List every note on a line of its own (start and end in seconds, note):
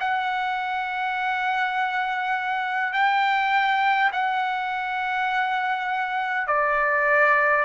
0.00 2.93 F#5
2.93 4.11 G5
4.12 6.47 F#5
6.47 7.65 D5